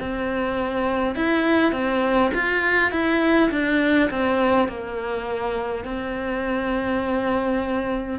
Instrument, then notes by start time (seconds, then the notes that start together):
cello
0.00 C4
1.16 E4
1.72 C4
2.34 F4
2.91 E4
3.51 D4
4.10 C4
4.68 A#3
5.84 C4